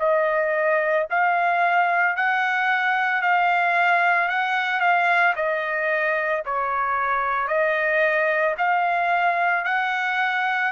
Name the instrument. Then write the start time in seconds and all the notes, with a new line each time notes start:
trumpet
0.00 D#5
1.10 F5
2.17 F#5
3.22 F5
4.29 F#5
4.81 F5
5.36 D#5
6.45 C#5
7.48 D#5
8.58 F5
9.65 F#5